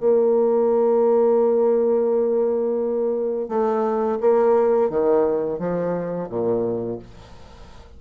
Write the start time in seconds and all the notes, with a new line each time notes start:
0.00 A#3
3.49 A3
4.21 A#3
4.90 D#3
5.59 F3
6.29 A#2